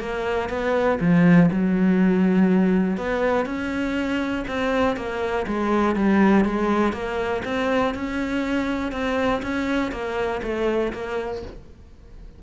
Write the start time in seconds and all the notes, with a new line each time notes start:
0.00 A#3
0.50 B3
1.01 F3
1.52 F#3
2.98 B3
3.46 C#4
4.48 C4
4.97 A#3
5.47 G#3
5.96 G3
6.45 G#3
6.93 A#3
7.45 C4
7.95 C#4
8.93 C4
9.43 C#4
9.92 A#3
10.43 A3
10.93 A#3